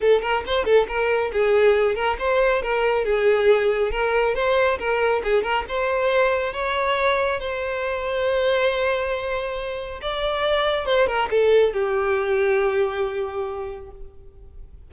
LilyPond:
\new Staff \with { instrumentName = "violin" } { \time 4/4 \tempo 4 = 138 a'8 ais'8 c''8 a'8 ais'4 gis'4~ | gis'8 ais'8 c''4 ais'4 gis'4~ | gis'4 ais'4 c''4 ais'4 | gis'8 ais'8 c''2 cis''4~ |
cis''4 c''2.~ | c''2. d''4~ | d''4 c''8 ais'8 a'4 g'4~ | g'1 | }